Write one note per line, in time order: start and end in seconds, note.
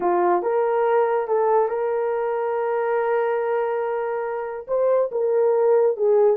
0.00 0.42 F4
0.42 1.27 A#4
1.27 1.68 A4
1.68 4.66 A#4
4.67 5.10 C5
5.11 5.96 A#4
5.97 6.36 G#4